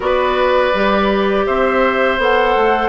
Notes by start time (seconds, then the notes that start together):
0.00 B3 F#4 B4 D5
0.73 G3 G4
1.46 C4 C5 E5
2.18 B3 A4 F#5
2.56 A3